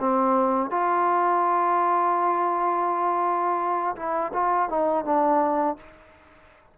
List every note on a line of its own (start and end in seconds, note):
0.00 0.71 C4
0.71 3.96 F4
3.96 4.32 E4
4.33 4.70 F4
4.70 5.05 D#4
5.05 5.77 D4